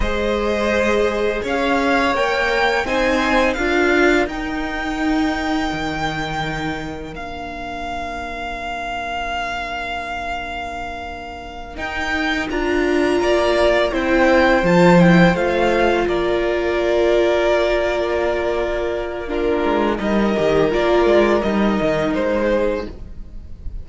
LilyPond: <<
  \new Staff \with { instrumentName = "violin" } { \time 4/4 \tempo 4 = 84 dis''2 f''4 g''4 | gis''4 f''4 g''2~ | g''2 f''2~ | f''1~ |
f''8 g''4 ais''2 g''8~ | g''8 a''8 g''8 f''4 d''4.~ | d''2. ais'4 | dis''4 d''4 dis''4 c''4 | }
  \new Staff \with { instrumentName = "violin" } { \time 4/4 c''2 cis''2 | c''4 ais'2.~ | ais'1~ | ais'1~ |
ais'2~ ais'8 d''4 c''8~ | c''2~ c''8 ais'4.~ | ais'2. f'4 | ais'2.~ ais'8 gis'8 | }
  \new Staff \with { instrumentName = "viola" } { \time 4/4 gis'2. ais'4 | dis'4 f'4 dis'2~ | dis'2 d'2~ | d'1~ |
d'8 dis'4 f'2 e'8~ | e'8 f'8 e'8 f'2~ f'8~ | f'2. d'4 | dis'8 g'8 f'4 dis'2 | }
  \new Staff \with { instrumentName = "cello" } { \time 4/4 gis2 cis'4 ais4 | c'4 d'4 dis'2 | dis2 ais2~ | ais1~ |
ais8 dis'4 d'4 ais4 c'8~ | c'8 f4 a4 ais4.~ | ais2.~ ais8 gis8 | g8 dis8 ais8 gis8 g8 dis8 gis4 | }
>>